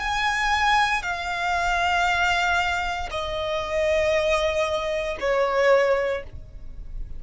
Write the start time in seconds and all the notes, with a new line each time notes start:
0.00 G#5
1.03 F5
3.11 D#5
5.20 C#5